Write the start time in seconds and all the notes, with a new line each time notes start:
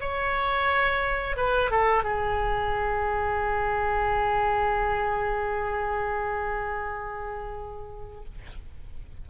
0.00 C#5
1.36 B4
1.71 A4
2.03 G#4